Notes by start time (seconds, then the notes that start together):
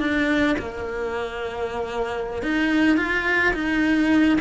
0.00 D4
0.59 A#3
2.43 D#4
2.97 F4
3.54 D#4